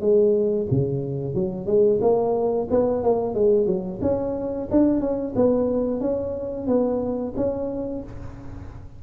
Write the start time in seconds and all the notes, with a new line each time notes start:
0.00 G#3
0.71 C#3
1.34 F#3
1.66 G#3
2.01 A#3
2.70 B3
3.03 A#3
3.34 G#3
3.66 F#3
4.02 C#4
4.71 D4
5.00 C#4
5.35 B3
6.00 C#4
6.67 B3
7.36 C#4